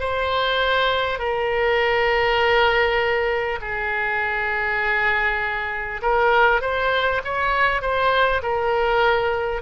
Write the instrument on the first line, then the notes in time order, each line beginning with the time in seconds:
oboe
0.00 C5
1.19 A#4
3.62 G#4
6.02 A#4
6.61 C5
7.24 C#5
7.82 C5
8.43 A#4